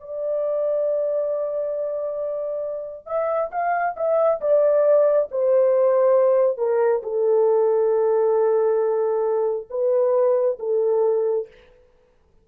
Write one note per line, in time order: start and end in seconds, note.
0.00 3.06 D5
3.06 3.51 E5
3.52 3.96 F5
3.96 4.40 E5
4.41 5.29 D5
5.31 6.58 C5
6.58 7.02 A#4
7.03 9.67 A4
9.70 10.58 B4
10.59 11.47 A4